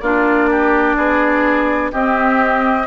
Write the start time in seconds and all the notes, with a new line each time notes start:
0.00 A#3 D4 F4 D5
0.50 G4
0.96 B3 G#4
1.91 C4 G4 D#5